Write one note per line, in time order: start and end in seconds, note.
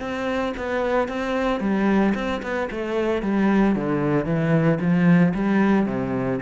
0.00 0.53 C4
0.56 1.08 B3
1.08 1.60 C4
1.60 2.13 G3
2.14 2.41 C4
2.42 2.69 B3
2.71 3.22 A3
3.22 3.75 G3
3.75 4.25 D3
4.25 4.78 E3
4.80 5.33 F3
5.34 5.86 G3
5.86 6.39 C3